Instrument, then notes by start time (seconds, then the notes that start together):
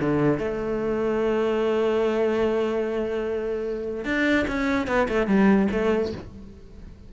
cello
0.00 D3
0.38 A3
4.05 D4
4.47 C#4
4.87 B3
5.09 A3
5.27 G3
5.71 A3